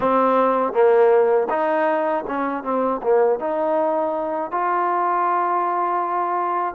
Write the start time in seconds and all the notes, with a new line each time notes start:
0.00 C4
0.73 A#3
1.49 D#4
2.27 C#4
2.63 C4
3.02 A#3
3.40 D#4
4.51 F4